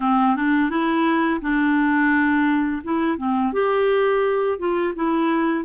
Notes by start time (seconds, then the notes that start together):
0.00 C4
0.35 D4
0.70 E4
1.41 D4
2.83 E4
3.17 C4
3.52 G4
4.59 F4
4.95 E4